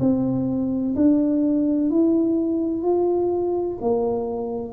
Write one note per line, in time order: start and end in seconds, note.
0.00 0.95 C4
0.96 1.91 D4
1.91 2.83 E4
2.83 3.78 F4
3.81 4.74 A#3